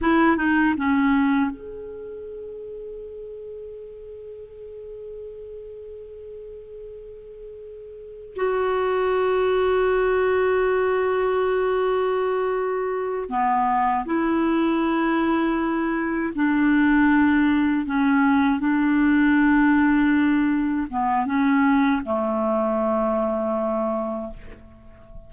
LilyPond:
\new Staff \with { instrumentName = "clarinet" } { \time 4/4 \tempo 4 = 79 e'8 dis'8 cis'4 gis'2~ | gis'1~ | gis'2. fis'4~ | fis'1~ |
fis'4. b4 e'4.~ | e'4. d'2 cis'8~ | cis'8 d'2. b8 | cis'4 a2. | }